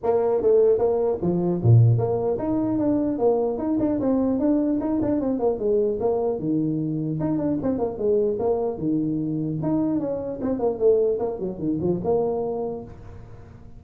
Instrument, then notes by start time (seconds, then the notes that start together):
tuba
0.03 A#3
0.41 A3
0.78 A#3
1.21 F3
1.62 A#2
1.98 A#3
2.38 D#4
2.78 D4
3.18 A#3
3.58 D#4
3.79 D4
4.00 C4
4.39 D4
4.80 D#4
5.01 D4
5.20 C4
5.39 A#3
5.58 G#3
6.00 A#3
6.39 D#3
7.20 D#4
7.38 D4
7.62 C4
7.78 A#3
7.98 G#3
8.39 A#3
8.77 D#3
9.62 D#4
9.99 C#4
10.41 C4
10.59 A#3
10.78 A3
11.19 A#3
11.39 F#3
11.58 D#3
11.81 F3
12.04 A#3